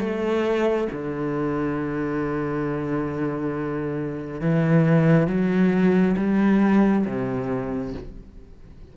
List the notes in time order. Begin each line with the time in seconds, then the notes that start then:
0.00 A3
0.92 D3
4.41 E3
5.27 F#3
6.17 G3
7.06 C3